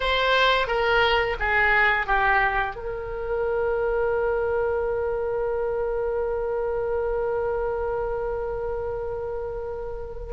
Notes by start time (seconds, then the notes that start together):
0.00 C5
0.67 A#4
1.39 G#4
2.06 G4
2.75 A#4